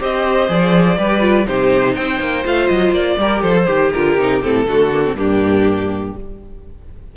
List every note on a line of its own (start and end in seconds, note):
0.00 0.49 C4
0.00 0.48 G4
0.00 0.98 C5
0.00 0.51 D#5
0.48 0.98 F3
0.48 0.98 G#4
0.48 1.47 D5
0.98 1.47 G3
0.98 1.20 G4
0.98 1.47 B4
1.20 1.45 F4
1.47 1.97 C3
1.47 2.44 D#4
1.47 1.94 G4
1.47 1.95 C5
1.94 2.20 C4
1.94 3.17 C5
1.94 2.44 G5
2.20 2.44 A#3
2.44 2.70 A3
2.44 3.18 F4
2.44 2.67 F5
2.67 2.92 F#3
2.67 2.92 D#5
2.92 3.16 A#3
2.92 3.42 D5
3.18 3.43 G3
3.18 3.57 G4
3.18 3.43 A#4
3.42 3.67 F3
3.42 3.66 A4
3.42 3.91 C5
3.57 3.67 A4
3.66 3.94 D#3
3.66 4.65 G4
3.66 3.91 G4
3.93 4.18 D3
3.93 4.19 F4
3.93 4.43 A#4
4.18 4.43 C3
4.18 4.42 D#4
4.42 4.66 A2
4.42 4.66 C4
4.42 5.17 A4
4.66 5.14 D3
4.66 4.91 A3
4.66 5.17 F#4
4.93 5.05 A#3
5.06 5.16 C4
5.14 6.12 G2
5.14 6.15 A#3
5.14 6.16 D4
5.14 6.16 G4